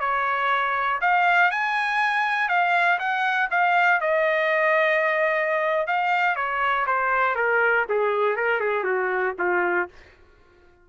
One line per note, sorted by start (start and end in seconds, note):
0.00 1.00 C#5
1.01 1.51 F5
1.51 2.49 G#5
2.49 2.99 F5
2.99 3.49 F#5
3.51 4.01 F5
4.01 5.88 D#5
5.88 6.36 F5
6.36 6.86 C#5
6.87 7.36 C5
7.36 7.86 A#4
7.89 8.36 G#4
8.36 8.60 A#4
8.60 8.84 G#4
8.84 9.34 F#4
9.39 9.89 F4